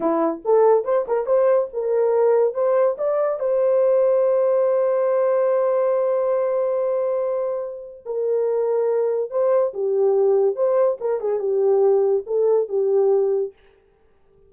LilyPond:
\new Staff \with { instrumentName = "horn" } { \time 4/4 \tempo 4 = 142 e'4 a'4 c''8 ais'8 c''4 | ais'2 c''4 d''4 | c''1~ | c''1~ |
c''2. ais'4~ | ais'2 c''4 g'4~ | g'4 c''4 ais'8 gis'8 g'4~ | g'4 a'4 g'2 | }